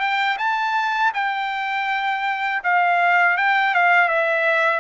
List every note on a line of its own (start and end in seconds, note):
0.00 0.37 G5
0.38 1.12 A5
1.14 2.62 G5
2.64 3.37 F5
3.37 3.74 G5
3.75 4.08 F5
4.08 4.80 E5